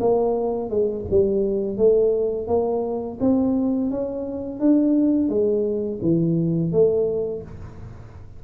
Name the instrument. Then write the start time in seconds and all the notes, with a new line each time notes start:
tuba
0.00 A#3
0.69 G#3
1.10 G3
1.77 A3
2.47 A#3
3.20 C4
3.90 C#4
4.59 D4
5.28 G#3
6.01 E3
6.72 A3